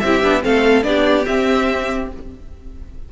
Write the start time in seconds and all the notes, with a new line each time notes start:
0.00 C4 E4 G4 E5
0.22 B3 D4
0.42 A3 C4 A4 F5
0.83 B3 D4 G4 D5
1.25 C4 E5